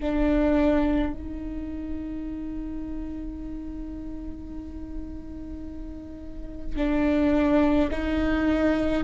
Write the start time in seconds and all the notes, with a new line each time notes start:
0.00 D4
1.13 D#4
6.77 D4
7.91 D#4